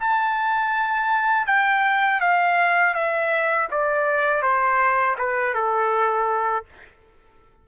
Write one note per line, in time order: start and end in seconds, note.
0.00 1.47 A5
1.47 2.21 G5
2.21 2.94 F5
2.94 3.68 E5
3.71 4.42 D5
4.42 5.16 C5
5.19 5.54 B4
5.54 6.65 A4